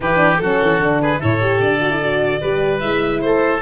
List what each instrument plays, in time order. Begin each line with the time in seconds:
0.00 tuba E3, horn E4, oboe G4, violin B4
0.17 horn D4
0.37 tuba F#3, oboe F#4, violin A4
0.43 horn C#4
0.61 tuba E3
0.78 tuba D3, horn D4
1.01 oboe G#4, violin B4
1.19 tuba A2, horn E4, oboe A4, violin C#5
1.40 horn G4
1.59 tuba D3, violin D5
1.80 horn F#4
1.90 horn E4
2.02 horn F#4
2.41 tuba G3, horn G4, oboe B4
2.80 tuba G#3, horn E4, violin E5
3.20 tuba A3, oboe A4, violin C5